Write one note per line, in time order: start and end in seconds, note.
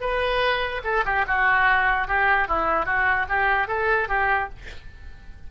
0.00 0.81 B4
0.84 1.04 A4
1.05 1.25 G4
1.27 2.07 F#4
2.07 2.47 G4
2.48 2.85 E4
2.85 3.26 F#4
3.29 3.67 G4
3.67 4.08 A4
4.08 4.49 G4